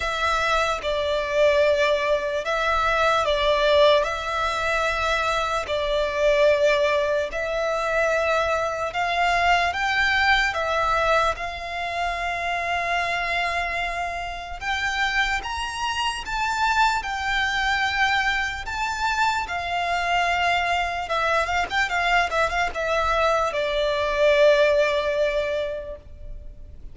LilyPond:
\new Staff \with { instrumentName = "violin" } { \time 4/4 \tempo 4 = 74 e''4 d''2 e''4 | d''4 e''2 d''4~ | d''4 e''2 f''4 | g''4 e''4 f''2~ |
f''2 g''4 ais''4 | a''4 g''2 a''4 | f''2 e''8 f''16 g''16 f''8 e''16 f''16 | e''4 d''2. | }